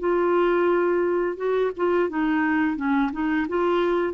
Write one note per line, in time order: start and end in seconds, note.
0.00 1.37 F4
1.37 1.71 F#4
1.77 2.09 F4
2.09 2.77 D#4
2.77 3.11 C#4
3.13 3.47 D#4
3.49 4.14 F4